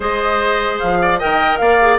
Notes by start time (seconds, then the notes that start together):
0.00 G#3 G#4 C5 D#5
0.79 F3 F5
1.01 D5
1.19 D#3 A#4 D#5 G5
1.57 A#3 D5 F5
1.80 G#4